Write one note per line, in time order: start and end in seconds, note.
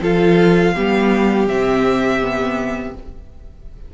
0.00 0.73 F3
0.00 0.75 F4
0.00 0.74 A4
0.00 1.48 F5
0.74 1.47 G3
0.74 1.48 B3
0.74 2.94 G4
1.47 2.93 C3
1.47 2.20 C4
1.47 2.94 E5
2.20 2.93 B3